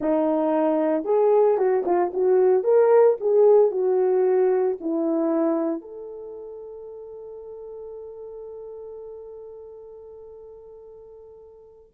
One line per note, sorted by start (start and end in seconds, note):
0.00 1.04 D#4
1.04 1.57 G#4
1.57 1.84 F#4
1.85 2.12 F4
2.13 2.63 F#4
2.63 3.16 A#4
3.20 3.71 G#4
3.71 4.77 F#4
4.80 5.81 E4
5.81 11.92 A4